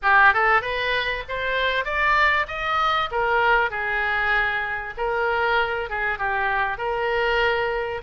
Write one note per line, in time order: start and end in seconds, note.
0.02 0.33 G4
0.33 0.61 A4
0.61 1.23 B4
1.28 1.84 C5
1.84 2.46 D5
2.47 3.09 D#5
3.11 3.70 A#4
3.70 4.93 G#4
4.97 5.89 A#4
5.89 6.18 G#4
6.18 6.77 G4
6.77 8.01 A#4